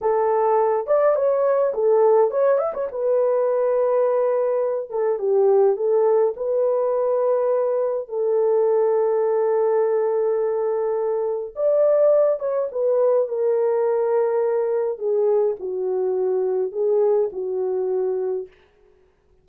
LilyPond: \new Staff \with { instrumentName = "horn" } { \time 4/4 \tempo 4 = 104 a'4. d''8 cis''4 a'4 | cis''8 e''16 cis''16 b'2.~ | b'8 a'8 g'4 a'4 b'4~ | b'2 a'2~ |
a'1 | d''4. cis''8 b'4 ais'4~ | ais'2 gis'4 fis'4~ | fis'4 gis'4 fis'2 | }